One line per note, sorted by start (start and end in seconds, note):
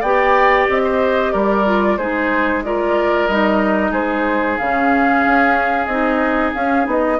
0.00 0.67 B3
0.00 1.66 G4
0.00 0.82 D5
0.00 0.67 G5
0.69 1.34 C4
0.69 1.32 D#5
0.84 1.32 C5
1.32 1.97 G3
1.32 1.97 A#4
1.32 1.97 D5
1.66 1.98 F4
1.97 3.28 G#3
1.97 2.64 D#4
1.97 2.63 G#4
1.97 2.62 C5
2.64 3.29 F4
2.64 3.91 A#4
2.64 3.27 D5
3.27 3.92 G3
3.27 4.60 D#4
3.27 3.92 D#5
3.91 4.57 G#3
3.91 7.17 G#4
3.91 4.57 C5
4.57 5.25 C#3
4.57 5.90 C#4
4.57 5.86 F5
5.26 5.87 C#4
5.86 6.52 C4
5.86 6.55 D#4
5.86 6.51 D#5
6.54 6.86 C#4
6.54 6.84 C#4
6.54 6.87 F5
6.84 7.19 B3
6.84 7.17 D#4
6.84 7.19 D#5